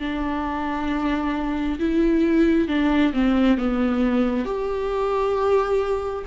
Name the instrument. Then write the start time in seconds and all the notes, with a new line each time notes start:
viola
0.00 D4
1.80 E4
2.68 D4
3.13 C4
3.58 B3
4.45 G4